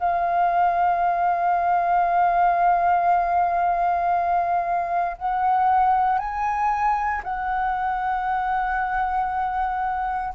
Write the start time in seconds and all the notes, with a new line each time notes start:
0.00 F5
5.18 F#5
6.19 G#5
7.24 F#5